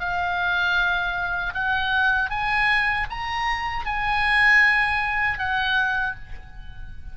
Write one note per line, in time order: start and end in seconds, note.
0.00 1.54 F5
1.54 2.30 F#5
2.30 3.07 G#5
3.10 3.86 A#5
3.86 5.38 G#5
5.38 6.15 F#5